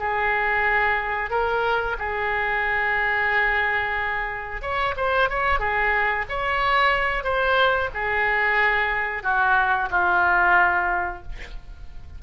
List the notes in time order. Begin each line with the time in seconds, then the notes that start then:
0.00 G#4
1.31 A#4
1.99 G#4
4.62 C#5
4.97 C5
5.30 C#5
5.60 G#4
6.29 C#5
7.24 C5
7.94 G#4
9.24 F#4
9.91 F4